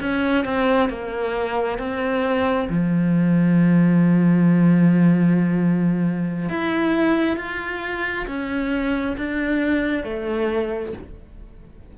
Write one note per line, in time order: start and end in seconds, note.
0.00 0.45 C#4
0.45 0.89 C4
0.89 1.78 A#3
1.78 2.67 C4
2.69 6.49 F3
6.49 7.37 E4
7.37 8.26 F4
8.27 9.16 C#4
9.17 10.03 D4
10.03 10.93 A3